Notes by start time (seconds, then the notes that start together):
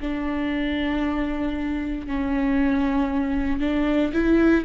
0.00 D4
2.07 C#4
3.60 D4
4.13 E4